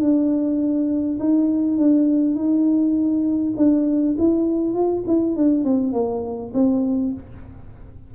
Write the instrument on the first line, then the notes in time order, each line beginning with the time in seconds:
tuba
0.00 D4
1.20 D#4
1.78 D4
2.35 D#4
3.57 D4
4.19 E4
4.75 F4
5.07 E4
5.37 D4
5.65 C4
5.93 A#3
6.54 C4